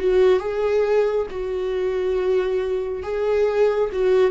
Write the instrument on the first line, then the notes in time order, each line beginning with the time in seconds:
viola
0.00 F#4
0.40 G#4
1.31 F#4
3.03 G#4
3.93 F#4